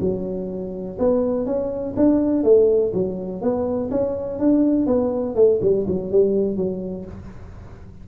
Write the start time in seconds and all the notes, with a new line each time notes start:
0.00 F#3
0.98 B3
1.46 C#4
1.96 D4
2.43 A3
2.94 F#3
3.41 B3
3.90 C#4
4.39 D4
4.86 B3
5.35 A3
5.61 G3
5.87 F#3
6.11 G3
6.56 F#3